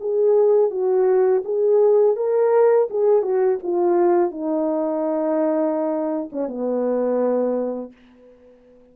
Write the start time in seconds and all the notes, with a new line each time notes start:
0.00 G#4
0.70 F#4
1.44 G#4
2.16 A#4
2.90 G#4
3.22 F#4
3.63 F4
4.31 D#4
6.32 C#4
6.48 B3